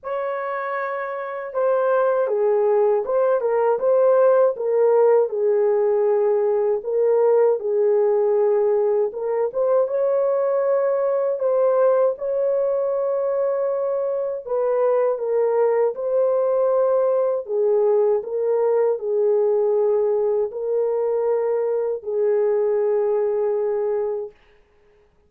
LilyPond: \new Staff \with { instrumentName = "horn" } { \time 4/4 \tempo 4 = 79 cis''2 c''4 gis'4 | c''8 ais'8 c''4 ais'4 gis'4~ | gis'4 ais'4 gis'2 | ais'8 c''8 cis''2 c''4 |
cis''2. b'4 | ais'4 c''2 gis'4 | ais'4 gis'2 ais'4~ | ais'4 gis'2. | }